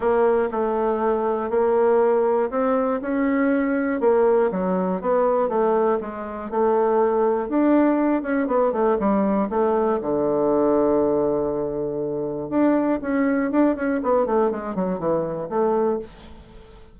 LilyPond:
\new Staff \with { instrumentName = "bassoon" } { \time 4/4 \tempo 4 = 120 ais4 a2 ais4~ | ais4 c'4 cis'2 | ais4 fis4 b4 a4 | gis4 a2 d'4~ |
d'8 cis'8 b8 a8 g4 a4 | d1~ | d4 d'4 cis'4 d'8 cis'8 | b8 a8 gis8 fis8 e4 a4 | }